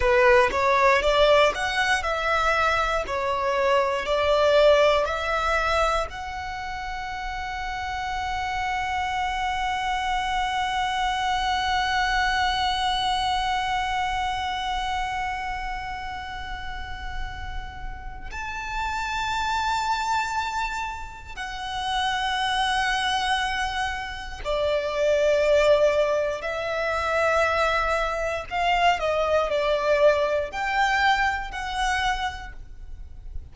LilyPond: \new Staff \with { instrumentName = "violin" } { \time 4/4 \tempo 4 = 59 b'8 cis''8 d''8 fis''8 e''4 cis''4 | d''4 e''4 fis''2~ | fis''1~ | fis''1~ |
fis''2 a''2~ | a''4 fis''2. | d''2 e''2 | f''8 dis''8 d''4 g''4 fis''4 | }